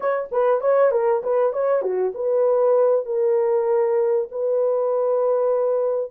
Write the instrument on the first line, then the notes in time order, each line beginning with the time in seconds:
horn
0.00 C#5
0.31 B4
0.60 C#5
0.91 A#4
1.23 B4
1.52 C#5
1.81 F#4
2.14 B4
3.05 A#4
4.31 B4